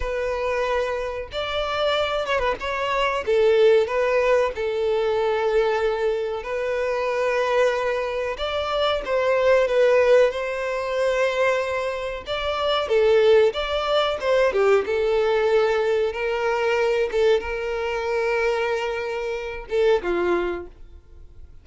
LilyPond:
\new Staff \with { instrumentName = "violin" } { \time 4/4 \tempo 4 = 93 b'2 d''4. cis''16 b'16 | cis''4 a'4 b'4 a'4~ | a'2 b'2~ | b'4 d''4 c''4 b'4 |
c''2. d''4 | a'4 d''4 c''8 g'8 a'4~ | a'4 ais'4. a'8 ais'4~ | ais'2~ ais'8 a'8 f'4 | }